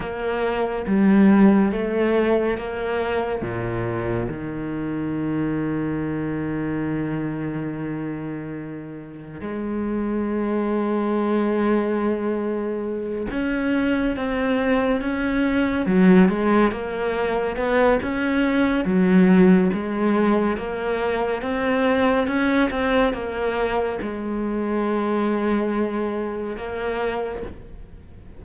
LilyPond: \new Staff \with { instrumentName = "cello" } { \time 4/4 \tempo 4 = 70 ais4 g4 a4 ais4 | ais,4 dis2.~ | dis2. gis4~ | gis2.~ gis8 cis'8~ |
cis'8 c'4 cis'4 fis8 gis8 ais8~ | ais8 b8 cis'4 fis4 gis4 | ais4 c'4 cis'8 c'8 ais4 | gis2. ais4 | }